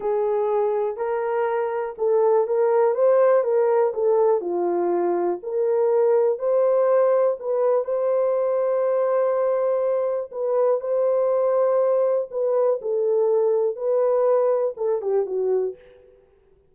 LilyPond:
\new Staff \with { instrumentName = "horn" } { \time 4/4 \tempo 4 = 122 gis'2 ais'2 | a'4 ais'4 c''4 ais'4 | a'4 f'2 ais'4~ | ais'4 c''2 b'4 |
c''1~ | c''4 b'4 c''2~ | c''4 b'4 a'2 | b'2 a'8 g'8 fis'4 | }